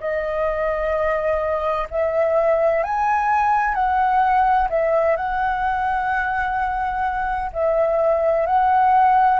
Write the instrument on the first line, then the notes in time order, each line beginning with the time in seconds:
flute
0.00 D#5
1.90 E5
2.83 G#5
3.74 F#5
4.70 E5
5.16 F#5
7.53 E5
8.46 F#5